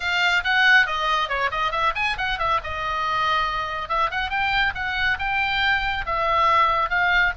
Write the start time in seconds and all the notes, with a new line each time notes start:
0.00 F5
0.44 F#5
0.86 D#5
1.28 C#5
1.51 D#5
1.71 E5
1.95 G#5
2.17 F#5
2.39 E5
2.63 D#5
3.88 E5
4.10 F#5
4.29 G5
4.74 F#5
5.19 G5
6.05 E5
6.89 F5